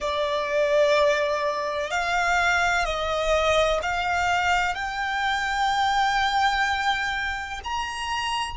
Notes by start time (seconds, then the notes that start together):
0.00 D5
1.90 F5
2.84 D#5
3.82 F5
4.74 G5
7.64 A#5